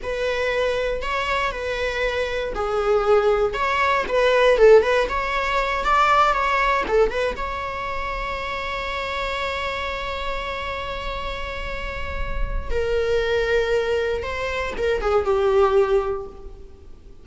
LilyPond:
\new Staff \with { instrumentName = "viola" } { \time 4/4 \tempo 4 = 118 b'2 cis''4 b'4~ | b'4 gis'2 cis''4 | b'4 a'8 b'8 cis''4. d''8~ | d''8 cis''4 a'8 b'8 cis''4.~ |
cis''1~ | cis''1~ | cis''4 ais'2. | c''4 ais'8 gis'8 g'2 | }